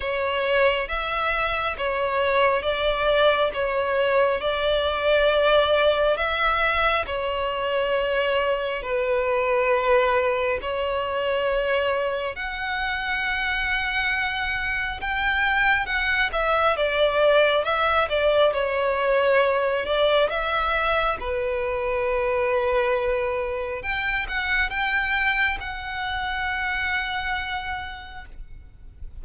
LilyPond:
\new Staff \with { instrumentName = "violin" } { \time 4/4 \tempo 4 = 68 cis''4 e''4 cis''4 d''4 | cis''4 d''2 e''4 | cis''2 b'2 | cis''2 fis''2~ |
fis''4 g''4 fis''8 e''8 d''4 | e''8 d''8 cis''4. d''8 e''4 | b'2. g''8 fis''8 | g''4 fis''2. | }